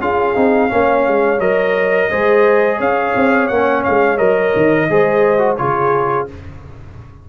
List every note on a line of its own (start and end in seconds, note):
0.00 0.35 C#4
0.00 0.35 F4
0.00 0.71 G#4
0.00 1.40 F5
0.35 0.71 C4
0.35 0.69 D#4
0.69 1.07 A#3
0.69 1.39 C#4
0.69 2.10 C#5
1.08 1.39 G#3
1.39 2.09 F#3
1.39 2.10 A#4
1.39 2.80 D#5
2.10 2.80 G#3
2.10 3.50 G#4
2.10 2.78 C5
2.78 3.15 C#4
2.78 4.87 C#5
2.78 3.48 F5
3.15 3.50 C4
3.48 3.85 A#3
3.48 4.18 C#4
3.48 3.83 F#5
3.84 4.19 G#3
3.84 4.18 F5
4.18 4.53 F#3
4.18 4.87 A#4
4.18 5.57 D#5
4.56 4.89 D#3
4.89 5.59 G#3
4.89 5.38 G#4
4.89 5.59 C5
5.38 5.56 F#4
5.57 6.29 C#3
5.57 6.28 F4
5.57 6.29 G#4
5.57 6.26 C#5